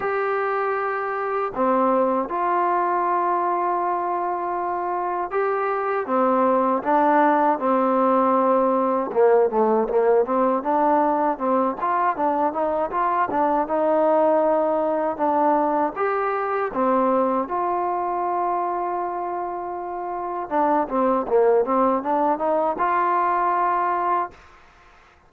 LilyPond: \new Staff \with { instrumentName = "trombone" } { \time 4/4 \tempo 4 = 79 g'2 c'4 f'4~ | f'2. g'4 | c'4 d'4 c'2 | ais8 a8 ais8 c'8 d'4 c'8 f'8 |
d'8 dis'8 f'8 d'8 dis'2 | d'4 g'4 c'4 f'4~ | f'2. d'8 c'8 | ais8 c'8 d'8 dis'8 f'2 | }